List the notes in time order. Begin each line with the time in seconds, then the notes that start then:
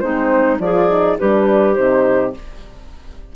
0.00 G#3 C4 D#4 C5
0.59 F3 F4 G#4 D5
0.90 D#4
1.19 G3 D4 G4 B4
1.75 C3 D#4 C5